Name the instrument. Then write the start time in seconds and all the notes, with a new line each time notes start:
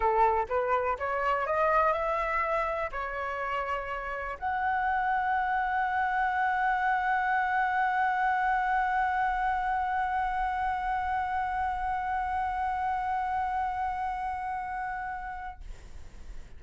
flute
0.00 A4
0.48 B4
0.98 C#5
1.46 D#5
1.93 E5
2.91 C#5
4.39 F#5